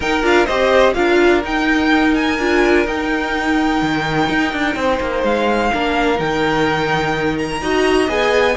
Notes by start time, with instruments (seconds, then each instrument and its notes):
0.00 cello D#4, viola D#4, violin A#4 G5
0.22 cello D4, viola F4, violin F5
0.45 cello C4, viola G4, violin C5 D#5
0.94 cello D4, viola F4, violin A#4 F5
1.44 viola D#4, cello D#4, violin G5
2.14 violin G#5
2.38 cello D4, viola F4
2.86 cello D#4, viola D#4, violin G5
3.81 cello D#3
4.29 cello D#4
4.52 cello D4
4.75 cello C4, violin C5
5.00 cello A#3
5.23 cello G#3, violin F5
5.73 cello A#3, viola D4, violin A#4
6.16 cello D#3, viola D#4, violin G5
7.38 violin A#5
7.61 cello D#4, viola F#4, violin D#5
8.08 cello B3, viola G#4, violin G#5